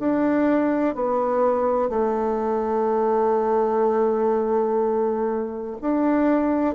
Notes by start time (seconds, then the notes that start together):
0.00 D4
0.95 B3
1.90 A3
5.82 D4